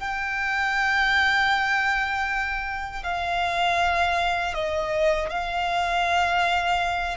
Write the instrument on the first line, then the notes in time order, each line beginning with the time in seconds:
violin
0.00 G5
3.04 F5
4.55 D#5
5.30 F5